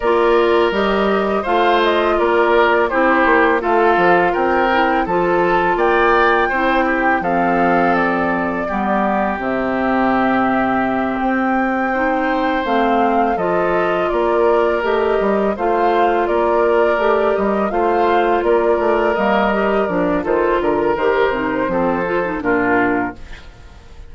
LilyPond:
<<
  \new Staff \with { instrumentName = "flute" } { \time 4/4 \tempo 4 = 83 d''4 dis''4 f''8 dis''8 d''4 | c''4 f''4 g''4 a''4 | g''2 f''4 d''4~ | d''4 e''2~ e''8 g''8~ |
g''4. f''4 dis''4 d''8~ | d''8 dis''4 f''4 d''4. | dis''8 f''4 d''4 dis''4 d''8 | c''8 ais'8 c''2 ais'4 | }
  \new Staff \with { instrumentName = "oboe" } { \time 4/4 ais'2 c''4 ais'4 | g'4 a'4 ais'4 a'4 | d''4 c''8 g'8 a'2 | g'1~ |
g'8 c''2 a'4 ais'8~ | ais'4. c''4 ais'4.~ | ais'8 c''4 ais'2~ ais'8 | a'8 ais'4. a'4 f'4 | }
  \new Staff \with { instrumentName = "clarinet" } { \time 4/4 f'4 g'4 f'2 | e'4 f'4. e'8 f'4~ | f'4 e'4 c'2 | b4 c'2.~ |
c'8 dis'4 c'4 f'4.~ | f'8 g'4 f'2 g'8~ | g'8 f'2 ais8 g'8 d'8 | f'4 g'8 dis'8 c'8 f'16 dis'16 d'4 | }
  \new Staff \with { instrumentName = "bassoon" } { \time 4/4 ais4 g4 a4 ais4 | c'8 ais8 a8 f8 c'4 f4 | ais4 c'4 f2 | g4 c2~ c8 c'8~ |
c'4. a4 f4 ais8~ | ais8 a8 g8 a4 ais4 a8 | g8 a4 ais8 a8 g4 f8 | dis8 d8 dis8 c8 f4 ais,4 | }
>>